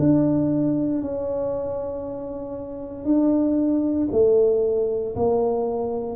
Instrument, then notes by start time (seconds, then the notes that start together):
tuba
0.00 D4
1.02 C#4
3.05 D4
4.12 A3
5.16 A#3